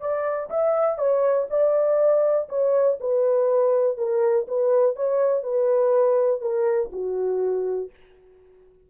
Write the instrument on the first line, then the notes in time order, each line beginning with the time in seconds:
horn
0.00 D5
0.50 E5
0.98 C#5
1.50 D5
2.49 C#5
3.00 B4
3.97 A#4
4.48 B4
4.96 C#5
5.43 B4
6.41 A#4
6.92 F#4